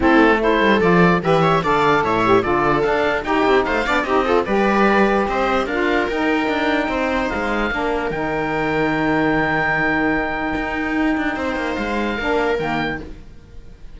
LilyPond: <<
  \new Staff \with { instrumentName = "oboe" } { \time 4/4 \tempo 4 = 148 a'4 c''4 d''4 e''4 | f''4 e''4 d''4 f''4 | g''4 f''4 dis''4 d''4~ | d''4 dis''4 f''4 g''4~ |
g''2 f''2 | g''1~ | g''1~ | g''4 f''2 g''4 | }
  \new Staff \with { instrumentName = "viola" } { \time 4/4 e'4 a'2 b'8 cis''8 | d''4 cis''4 a'2 | g'4 c''8 d''8 g'8 a'8 b'4~ | b'4 c''4 ais'2~ |
ais'4 c''2 ais'4~ | ais'1~ | ais'1 | c''2 ais'2 | }
  \new Staff \with { instrumentName = "saxophone" } { \time 4/4 c'4 e'4 f'4 g'4 | a'4. g'8 f'4 d'4 | dis'4. d'8 dis'8 f'8 g'4~ | g'2 f'4 dis'4~ |
dis'2. d'4 | dis'1~ | dis'1~ | dis'2 d'4 ais4 | }
  \new Staff \with { instrumentName = "cello" } { \time 4/4 a4. g8 f4 e4 | d4 a,4 d4 d'4 | dis'8 c'8 a8 b8 c'4 g4~ | g4 c'4 d'4 dis'4 |
d'4 c'4 gis4 ais4 | dis1~ | dis2 dis'4. d'8 | c'8 ais8 gis4 ais4 dis4 | }
>>